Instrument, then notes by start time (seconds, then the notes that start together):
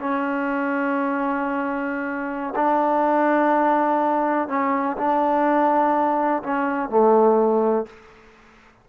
trombone
0.00 C#4
2.56 D4
4.48 C#4
4.98 D4
6.43 C#4
6.90 A3